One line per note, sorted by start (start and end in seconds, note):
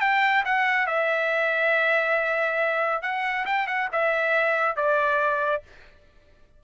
0.00 0.43 G5
0.45 0.86 F#5
0.86 3.02 E5
3.02 3.45 F#5
3.46 3.67 G5
3.67 3.88 F#5
3.92 4.76 E5
4.76 5.62 D5